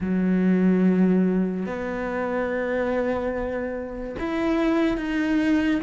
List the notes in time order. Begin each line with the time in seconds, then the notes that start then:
0.00 F#3
1.66 B3
4.19 E4
4.97 D#4